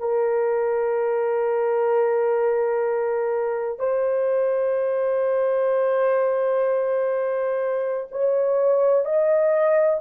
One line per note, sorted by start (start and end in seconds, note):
0.00 3.79 A#4
3.79 8.08 C5
8.12 9.06 C#5
9.06 10.01 D#5